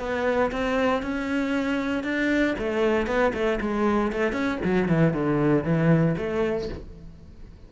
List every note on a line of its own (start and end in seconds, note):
0.00 0.51 B3
0.52 1.03 C4
1.03 2.04 C#4
2.04 2.55 D4
2.59 3.07 A3
3.07 3.33 B3
3.34 3.59 A3
3.61 4.12 G#3
4.13 4.33 A3
4.33 4.58 C#4
4.64 4.88 F#3
4.88 5.13 E3
5.13 5.64 D3
5.64 6.16 E3
6.18 6.69 A3